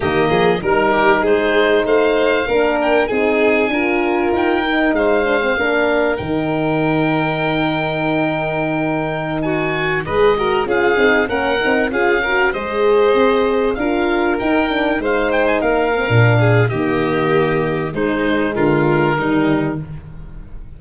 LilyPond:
<<
  \new Staff \with { instrumentName = "oboe" } { \time 4/4 \tempo 4 = 97 dis''4 ais'4 c''4 f''4~ | f''8 g''8 gis''2 g''4 | f''2 g''2~ | g''2.~ g''16 gis''8.~ |
gis''16 dis''4 f''4 fis''4 f''8.~ | f''16 dis''2 f''4 g''8.~ | g''16 f''8 g''16 gis''16 f''4.~ f''16 dis''4~ | dis''4 c''4 ais'2 | }
  \new Staff \with { instrumentName = "violin" } { \time 4/4 g'8 gis'8 ais'8 g'8 gis'4 c''4 | ais'4 gis'4 ais'2 | c''4 ais'2.~ | ais'2.~ ais'16 fis'8.~ |
fis'16 b'8 ais'8 gis'4 ais'4 gis'8 ais'16~ | ais'16 c''2 ais'4.~ ais'16~ | ais'16 c''4 ais'4~ ais'16 gis'8 g'4~ | g'4 dis'4 f'4 dis'4 | }
  \new Staff \with { instrumentName = "horn" } { \time 4/4 ais4 dis'2. | d'4 dis'4 f'4. dis'8~ | dis'8 d'16 c'16 d'4 dis'2~ | dis'1~ |
dis'16 gis'8 fis'8 f'8 dis'8 cis'8 dis'8 f'8 fis'16~ | fis'16 gis'2 f'4 dis'8 d'16~ | d'16 dis'4. c'16 d'4 ais4~ | ais4 gis2 g4 | }
  \new Staff \with { instrumentName = "tuba" } { \time 4/4 dis8 f8 g4 gis4 a4 | ais4 c'4 d'4 dis'4 | gis4 ais4 dis2~ | dis1~ |
dis16 gis4 cis'8 c'8 ais8 c'8 cis'8.~ | cis'16 gis4 c'4 d'4 dis'8.~ | dis'16 gis4 ais8. ais,4 dis4~ | dis4 gis4 d4 dis4 | }
>>